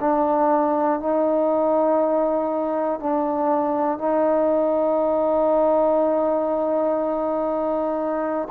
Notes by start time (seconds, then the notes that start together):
0.00 D4
0.99 D#4
2.99 D4
3.98 D#4